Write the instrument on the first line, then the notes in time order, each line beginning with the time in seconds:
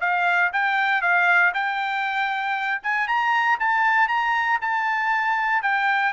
trumpet
0.00 F5
0.53 G5
1.01 F5
1.54 G5
2.83 G#5
3.07 A#5
3.59 A5
4.08 A#5
4.61 A5
5.62 G5